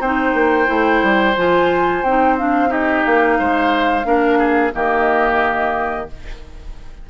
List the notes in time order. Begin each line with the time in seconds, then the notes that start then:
0.00 C4 D#4 C5 G5
0.34 A#3
0.66 A3 E4
1.03 G3
1.37 F3 F4 G#5
2.03 C4 D#4 G5
2.38 D4 F5
2.68 D#4 G4 D#5
3.06 A#3 F5
3.39 G#3 C5
4.05 A#3 D4 A#4
4.39 G#4
4.73 D#3 A#3 G4 D#5